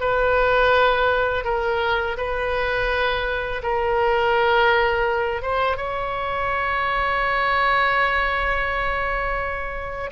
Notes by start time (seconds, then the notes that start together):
0.00 B4
1.45 A#4
2.17 B4
3.62 A#4
5.42 C5
5.77 C#5